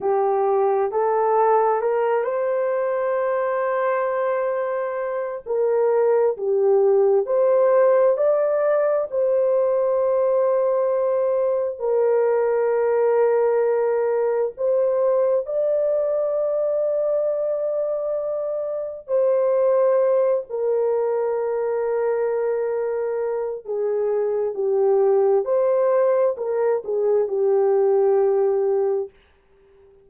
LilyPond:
\new Staff \with { instrumentName = "horn" } { \time 4/4 \tempo 4 = 66 g'4 a'4 ais'8 c''4.~ | c''2 ais'4 g'4 | c''4 d''4 c''2~ | c''4 ais'2. |
c''4 d''2.~ | d''4 c''4. ais'4.~ | ais'2 gis'4 g'4 | c''4 ais'8 gis'8 g'2 | }